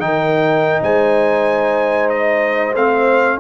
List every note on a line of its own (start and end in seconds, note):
0.00 0.81 D#3
0.00 2.75 D#4
0.00 0.83 A#4
0.00 0.81 G5
0.83 2.75 G#3
0.83 3.40 C5
0.83 2.09 G#5
2.09 2.74 D#5
2.75 3.39 A3
2.75 3.40 C4
2.75 3.40 F5